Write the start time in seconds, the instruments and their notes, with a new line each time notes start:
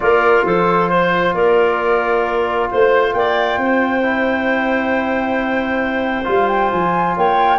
0.00 tuba A#3, trombone F4, clarinet A#4, flute D5
0.44 tuba F3, clarinet A4, flute C5
0.90 clarinet C5
1.33 tuba A#3, clarinet A#4, flute D5
2.70 tuba A3, flute C5, clarinet C5
3.13 tuba A#3, clarinet D5, flute G5
3.57 tuba C4, clarinet C5
4.02 trombone E4
6.24 tuba G3, trombone F4, flute F5
6.47 flute G5
6.71 tuba F3, flute G#5
7.16 tuba A#3, clarinet C#5, flute G5